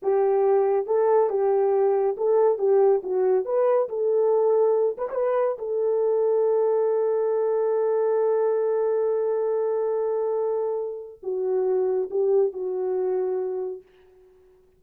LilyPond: \new Staff \with { instrumentName = "horn" } { \time 4/4 \tempo 4 = 139 g'2 a'4 g'4~ | g'4 a'4 g'4 fis'4 | b'4 a'2~ a'8 b'16 cis''16 | b'4 a'2.~ |
a'1~ | a'1~ | a'2 fis'2 | g'4 fis'2. | }